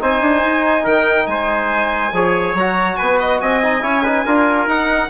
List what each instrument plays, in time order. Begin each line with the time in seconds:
0.00 bassoon C4, trombone D#4, trumpet C5, violin G#5
0.21 bassoon D4
0.46 bassoon D#4
0.84 bassoon D#3, trumpet A#4, violin G5
1.27 bassoon G#3, trumpet C5, violin G#5
2.13 bassoon F3, trombone G#4, trumpet C#5
2.55 bassoon F#3, trombone F#4, violin A#5
2.97 bassoon B3, trumpet B4, violin G#5
3.20 violin D#5
3.41 bassoon C4, trumpet D#5, violin G#5
3.64 trombone D#4
3.82 bassoon C#4, trombone E4, trumpet C#5
4.04 trombone D#4, trumpet B4
4.26 bassoon D4, trombone F4, trumpet A#4
4.67 bassoon D#4, trombone D#4, violin F#5